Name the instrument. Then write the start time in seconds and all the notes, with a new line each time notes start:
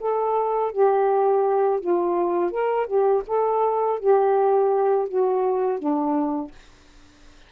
saxophone
0.00 A4
0.72 G4
1.80 F4
2.51 A#4
2.87 G4
3.27 A4
4.00 G4
5.08 F#4
5.79 D4